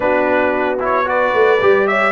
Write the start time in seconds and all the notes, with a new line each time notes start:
0.00 B3 D4 F#4 B4
0.79 E4 C#5
1.04 F#4 B4 D5
1.33 A3
1.61 G3 G4
1.87 C#5 E5